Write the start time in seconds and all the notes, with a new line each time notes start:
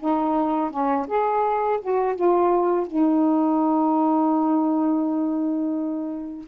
0.00 D#4
0.71 C#4
1.08 G#4
1.82 F#4
2.16 F4
2.87 D#4